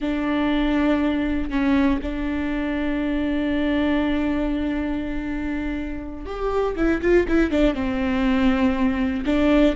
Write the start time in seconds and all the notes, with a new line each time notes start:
0.00 D4
1.50 C#4
2.02 D4
6.25 G4
6.76 E4
7.01 F4
7.28 E4
7.50 D4
7.74 C4
9.25 D4